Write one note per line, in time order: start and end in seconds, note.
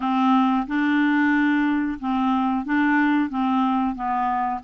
0.00 0.66 C4
0.67 1.98 D4
1.99 2.65 C4
2.65 3.29 D4
3.29 3.95 C4
3.95 4.61 B3